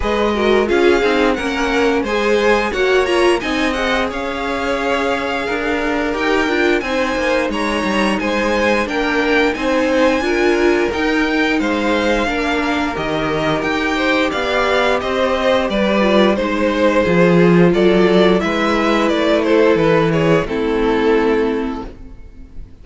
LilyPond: <<
  \new Staff \with { instrumentName = "violin" } { \time 4/4 \tempo 4 = 88 dis''4 f''4 fis''4 gis''4 | fis''8 ais''8 gis''8 fis''8 f''2~ | f''4 g''4 gis''4 ais''4 | gis''4 g''4 gis''2 |
g''4 f''2 dis''4 | g''4 f''4 dis''4 d''4 | c''2 d''4 e''4 | d''8 c''8 b'8 cis''8 a'2 | }
  \new Staff \with { instrumentName = "violin" } { \time 4/4 b'8 ais'8 gis'4 ais'4 c''4 | cis''4 dis''4 cis''2 | ais'2 c''4 cis''4 | c''4 ais'4 c''4 ais'4~ |
ais'4 c''4 ais'2~ | ais'8 c''8 d''4 c''4 b'4 | c''4 gis'4 a'4 b'4~ | b'8 a'4 gis'8 e'2 | }
  \new Staff \with { instrumentName = "viola" } { \time 4/4 gis'8 fis'8 f'8 dis'8 cis'4 gis'4 | fis'8 f'8 dis'8 gis'2~ gis'8~ | gis'4 g'8 f'8 dis'2~ | dis'4 d'4 dis'4 f'4 |
dis'2 d'4 g'4~ | g'2.~ g'8 f'8 | dis'4 f'2 e'4~ | e'2 c'2 | }
  \new Staff \with { instrumentName = "cello" } { \time 4/4 gis4 cis'8 c'8 ais4 gis4 | ais4 c'4 cis'2 | d'4 dis'8 d'8 c'8 ais8 gis8 g8 | gis4 ais4 c'4 d'4 |
dis'4 gis4 ais4 dis4 | dis'4 b4 c'4 g4 | gis4 f4 fis4 gis4 | a4 e4 a2 | }
>>